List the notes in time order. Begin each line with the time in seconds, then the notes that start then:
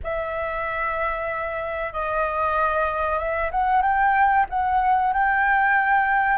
0.03 E5
1.93 D#5
3.18 E5
3.51 F#5
3.82 G5
4.49 F#5
5.13 G5